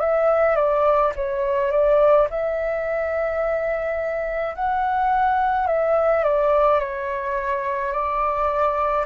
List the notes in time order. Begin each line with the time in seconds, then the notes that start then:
0.00 E5
0.56 D5
1.16 C#5
1.71 D5
2.30 E5
4.55 F#5
5.67 E5
6.24 D5
6.80 C#5
7.92 D5